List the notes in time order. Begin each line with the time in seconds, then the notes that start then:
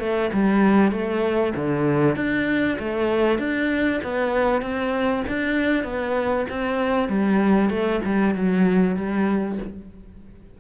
0.00 A3
0.33 G3
0.92 A3
1.55 D3
2.16 D4
2.79 A3
3.39 D4
4.04 B3
4.62 C4
5.29 D4
5.84 B3
6.49 C4
7.09 G3
7.70 A3
8.05 G3
8.35 F#3
8.97 G3